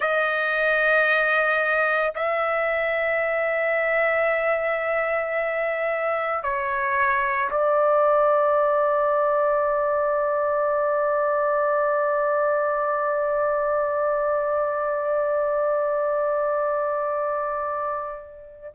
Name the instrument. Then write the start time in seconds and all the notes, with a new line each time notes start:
trumpet
0.00 D#5
2.15 E5
6.43 C#5
7.50 D5